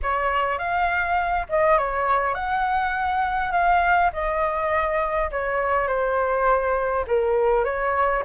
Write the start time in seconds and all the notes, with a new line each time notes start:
0.02 C#5
0.58 F5
1.49 D#5
1.78 C#5
2.34 F#5
3.52 F5
4.13 D#5
5.31 C#5
5.87 C5
7.07 A#4
7.64 C#5